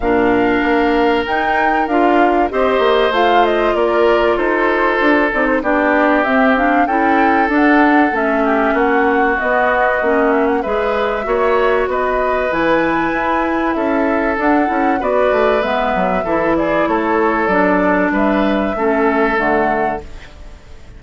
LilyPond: <<
  \new Staff \with { instrumentName = "flute" } { \time 4/4 \tempo 4 = 96 f''2 g''4 f''4 | dis''4 f''8 dis''8 d''4 c''4~ | c''8 d''16 c''16 d''4 e''8 f''8 g''4 | fis''4 e''4 fis''4 dis''4~ |
dis''8 e''16 fis''16 e''2 dis''4 | gis''2 e''4 fis''4 | d''4 e''4. d''8 cis''4 | d''4 e''2 fis''4 | }
  \new Staff \with { instrumentName = "oboe" } { \time 4/4 ais'1 | c''2 ais'4 a'4~ | a'4 g'2 a'4~ | a'4. g'8 fis'2~ |
fis'4 b'4 cis''4 b'4~ | b'2 a'2 | b'2 a'8 gis'8 a'4~ | a'4 b'4 a'2 | }
  \new Staff \with { instrumentName = "clarinet" } { \time 4/4 d'2 dis'4 f'4 | g'4 f'2.~ | f'8 dis'8 d'4 c'8 d'8 e'4 | d'4 cis'2 b4 |
cis'4 gis'4 fis'2 | e'2. d'8 e'8 | fis'4 b4 e'2 | d'2 cis'4 a4 | }
  \new Staff \with { instrumentName = "bassoon" } { \time 4/4 ais,4 ais4 dis'4 d'4 | c'8 ais8 a4 ais4 dis'4 | d'8 c'8 b4 c'4 cis'4 | d'4 a4 ais4 b4 |
ais4 gis4 ais4 b4 | e4 e'4 cis'4 d'8 cis'8 | b8 a8 gis8 fis8 e4 a4 | fis4 g4 a4 d4 | }
>>